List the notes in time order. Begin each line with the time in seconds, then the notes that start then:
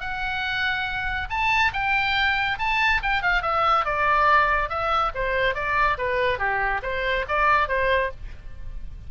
0.00 F#5
1.29 A5
1.73 G5
2.58 A5
3.02 G5
3.22 F5
3.42 E5
3.85 D5
4.69 E5
5.14 C5
5.54 D5
5.98 B4
6.38 G4
6.82 C5
7.28 D5
7.68 C5